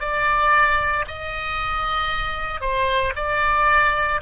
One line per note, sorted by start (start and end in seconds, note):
0.00 1.05 D5
1.08 2.61 D#5
2.61 3.14 C5
3.16 4.21 D5